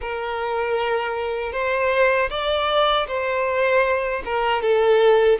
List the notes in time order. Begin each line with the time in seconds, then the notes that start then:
0.01 A#4
1.52 C5
2.29 D5
3.07 C5
4.25 A#4
4.62 A4